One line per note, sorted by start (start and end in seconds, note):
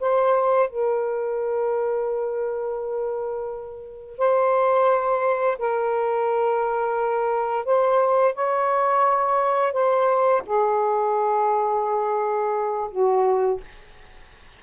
0.00 0.69 C5
0.69 4.18 A#4
4.18 5.58 C5
5.58 7.65 A#4
7.65 8.35 C5
8.35 9.73 C#5
9.73 10.42 C5
10.46 12.90 G#4
12.91 13.60 F#4